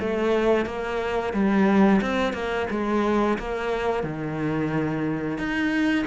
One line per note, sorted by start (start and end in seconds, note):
0.00 0.66 A3
0.66 1.33 A#3
1.33 2.01 G3
2.02 2.33 C4
2.33 2.67 A#3
2.71 3.38 G#3
3.39 4.04 A#3
4.04 5.38 D#3
5.38 6.06 D#4